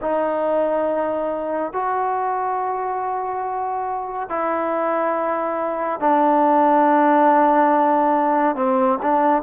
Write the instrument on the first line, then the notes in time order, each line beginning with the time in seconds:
trombone
0.01 D#4
1.72 F#4
4.29 E4
6.00 D4
8.55 C4
9.02 D4